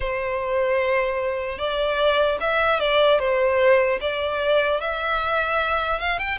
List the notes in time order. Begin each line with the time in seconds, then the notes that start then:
0.00 C5
1.58 D5
2.40 E5
2.79 D5
3.19 C5
4.00 D5
4.80 E5
5.99 F5
6.18 G5